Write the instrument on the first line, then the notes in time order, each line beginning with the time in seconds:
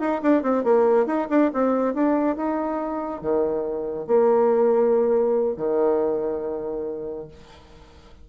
bassoon
0.00 D#4
0.22 D4
0.43 C4
0.64 A#3
1.07 D#4
1.30 D4
1.54 C4
1.94 D4
2.36 D#4
3.21 D#3
4.07 A#3
5.57 D#3